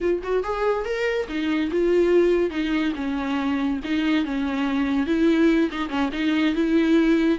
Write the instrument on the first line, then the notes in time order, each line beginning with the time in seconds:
viola
0.00 F4
0.23 F#4
0.43 G#4
0.84 A#4
1.28 D#4
1.71 F4
2.50 D#4
2.95 C#4
3.84 D#4
4.24 C#4
5.06 E4
5.71 D#4
5.89 C#4
6.12 D#4
6.55 E4